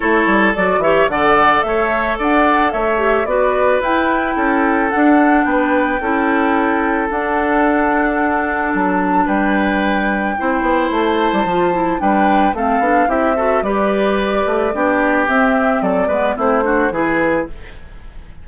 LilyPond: <<
  \new Staff \with { instrumentName = "flute" } { \time 4/4 \tempo 4 = 110 cis''4 d''8 e''8 fis''4 e''4 | fis''4 e''4 d''4 g''4~ | g''4 fis''4 g''2~ | g''4 fis''2. |
a''4 g''2. | a''2 g''4 f''4 | e''4 d''2. | e''4 d''4 c''4 b'4 | }
  \new Staff \with { instrumentName = "oboe" } { \time 4/4 a'4. cis''8 d''4 cis''4 | d''4 cis''4 b'2 | a'2 b'4 a'4~ | a'1~ |
a'4 b'2 c''4~ | c''2 b'4 a'4 | g'8 a'8 b'2 g'4~ | g'4 a'8 b'8 e'8 fis'8 gis'4 | }
  \new Staff \with { instrumentName = "clarinet" } { \time 4/4 e'4 fis'8 g'8 a'2~ | a'4. g'8 fis'4 e'4~ | e'4 d'2 e'4~ | e'4 d'2.~ |
d'2. e'4~ | e'4 f'8 e'8 d'4 c'8 d'8 | e'8 fis'8 g'2 d'4 | c'4. b8 c'8 d'8 e'4 | }
  \new Staff \with { instrumentName = "bassoon" } { \time 4/4 a8 g8 fis8 e8 d4 a4 | d'4 a4 b4 e'4 | cis'4 d'4 b4 cis'4~ | cis'4 d'2. |
fis4 g2 c'8 b8 | a8. g16 f4 g4 a8 b8 | c'4 g4. a8 b4 | c'4 fis8 gis8 a4 e4 | }
>>